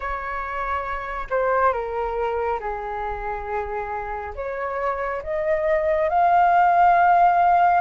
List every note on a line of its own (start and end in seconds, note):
0.00 1.27 C#5
1.30 1.72 C5
1.72 2.59 A#4
2.60 4.34 G#4
4.35 5.22 C#5
5.23 6.09 D#5
6.09 7.80 F5